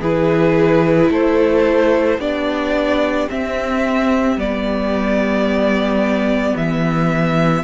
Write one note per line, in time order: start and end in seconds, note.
0.00 1.09 E3
0.00 2.20 E4
0.00 1.09 G#4
0.00 1.12 B4
1.10 2.18 A3
1.10 2.18 A4
1.10 2.20 C5
2.18 3.27 B3
2.18 3.28 D4
2.18 7.63 G4
2.18 3.29 D5
3.28 4.37 C4
3.28 4.36 C4
3.28 4.39 E5
4.36 6.54 G3
4.36 7.63 B3
4.36 6.56 D5
6.56 7.63 E3
6.56 7.63 E5